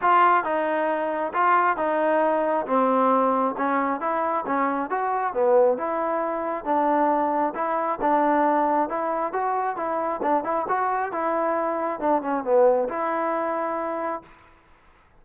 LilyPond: \new Staff \with { instrumentName = "trombone" } { \time 4/4 \tempo 4 = 135 f'4 dis'2 f'4 | dis'2 c'2 | cis'4 e'4 cis'4 fis'4 | b4 e'2 d'4~ |
d'4 e'4 d'2 | e'4 fis'4 e'4 d'8 e'8 | fis'4 e'2 d'8 cis'8 | b4 e'2. | }